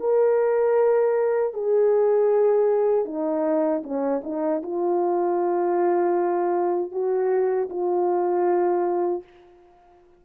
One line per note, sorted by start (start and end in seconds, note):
0.00 1.54 A#4
1.54 3.06 G#4
3.06 3.83 D#4
3.83 4.22 C#4
4.24 4.62 D#4
4.63 6.92 F4
6.92 7.69 F#4
7.70 9.23 F4